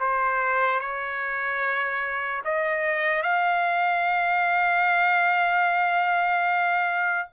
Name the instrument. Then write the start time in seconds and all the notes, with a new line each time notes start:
trumpet
0.00 C5
0.80 C#5
2.44 D#5
3.23 F5